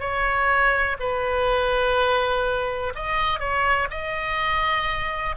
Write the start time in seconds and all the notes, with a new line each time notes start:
0.00 C#5
1.00 B4
2.96 D#5
3.40 C#5
3.91 D#5